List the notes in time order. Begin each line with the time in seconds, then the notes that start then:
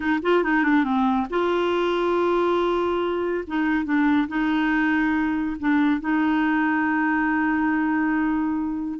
0.00 D#4
0.22 F4
0.43 D#4
0.63 D4
0.84 C4
1.30 F4
3.47 D#4
3.85 D4
4.28 D#4
5.59 D4
6.00 D#4